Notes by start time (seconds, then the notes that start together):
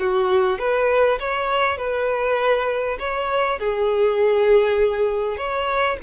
0.00 F#4
0.59 B4
1.20 C#5
1.78 B4
3.00 C#5
3.60 G#4
5.38 C#5